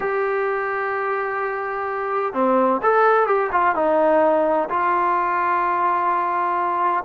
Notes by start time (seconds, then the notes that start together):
0.00 G4
2.33 C4
2.82 A4
3.26 G4
3.52 F4
3.75 D#4
4.69 F4